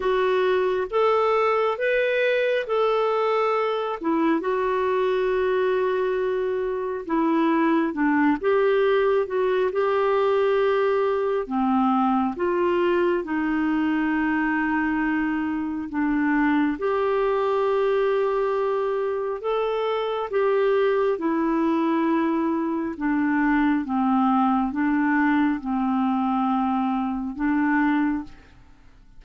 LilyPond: \new Staff \with { instrumentName = "clarinet" } { \time 4/4 \tempo 4 = 68 fis'4 a'4 b'4 a'4~ | a'8 e'8 fis'2. | e'4 d'8 g'4 fis'8 g'4~ | g'4 c'4 f'4 dis'4~ |
dis'2 d'4 g'4~ | g'2 a'4 g'4 | e'2 d'4 c'4 | d'4 c'2 d'4 | }